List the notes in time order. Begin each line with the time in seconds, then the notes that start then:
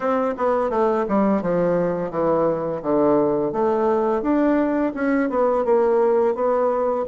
0.00 C4
0.37 B3
0.70 A3
1.08 G3
1.41 F3
2.10 E3
2.82 D3
3.52 A3
4.22 D4
4.94 C#4
5.29 B3
5.64 A#3
6.34 B3